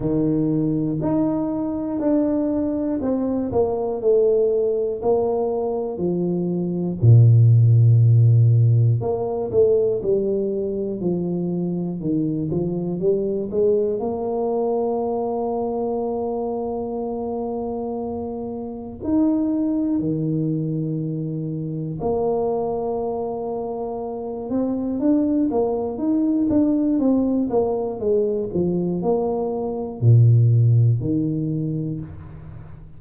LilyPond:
\new Staff \with { instrumentName = "tuba" } { \time 4/4 \tempo 4 = 60 dis4 dis'4 d'4 c'8 ais8 | a4 ais4 f4 ais,4~ | ais,4 ais8 a8 g4 f4 | dis8 f8 g8 gis8 ais2~ |
ais2. dis'4 | dis2 ais2~ | ais8 c'8 d'8 ais8 dis'8 d'8 c'8 ais8 | gis8 f8 ais4 ais,4 dis4 | }